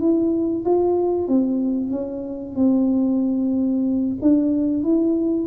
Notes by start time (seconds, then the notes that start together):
0.00 E4
0.65 F4
1.28 C4
1.91 C#4
2.56 C4
4.22 D4
4.84 E4